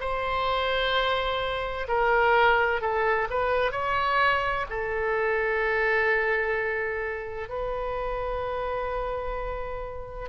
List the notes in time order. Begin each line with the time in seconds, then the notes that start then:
0.00 C5
1.88 A#4
2.81 A4
3.30 B4
3.72 C#5
4.70 A4
7.49 B4